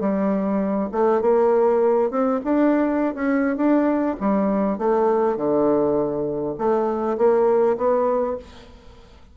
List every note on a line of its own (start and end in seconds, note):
0.00 0.89 G3
0.92 1.21 A3
1.21 2.10 A#3
2.10 2.40 C4
2.44 3.14 D4
3.14 3.56 C#4
3.56 4.16 D4
4.20 4.78 G3
4.78 5.36 A3
5.36 6.55 D3
6.58 7.17 A3
7.17 7.77 A#3
7.77 8.37 B3